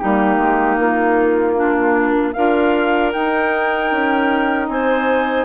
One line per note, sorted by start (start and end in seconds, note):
0.00 0.38 G3
0.00 2.35 A#3
0.00 1.56 D#4
0.00 0.78 G4
0.38 0.77 G#3
0.79 2.35 A#3
0.79 2.33 F4
1.56 2.34 D4
2.33 3.15 D4
2.33 3.13 F4
2.33 4.69 A#4
2.33 3.11 F5
3.13 3.92 D#4
3.13 5.45 D#4
3.13 4.69 G5
3.92 4.69 C#4
4.69 5.45 C4
4.69 5.45 C5
4.69 5.45 G#5